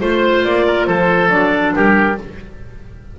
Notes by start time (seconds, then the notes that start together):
0.00 A3 F4 C5
0.45 A#3 D5
0.67 A#4
0.86 F3 A4 C5
1.28 F#3 D4 D5
1.75 G3 G4 A#4